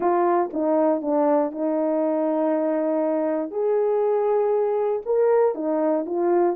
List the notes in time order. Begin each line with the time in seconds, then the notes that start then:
0.00 F4
0.53 D#4
1.01 D4
1.51 D#4
3.50 G#4
5.05 A#4
5.55 D#4
6.05 F4